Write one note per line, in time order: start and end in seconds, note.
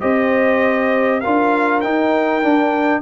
0.00 1.22 C4
0.00 1.21 G4
0.00 1.20 C5
0.00 1.20 D#5
1.20 1.84 D4
1.20 1.83 F4
1.20 3.00 A#4
1.20 1.80 F5
1.80 2.42 D#4
1.80 2.43 D#4
1.80 3.00 G5
2.42 3.01 D4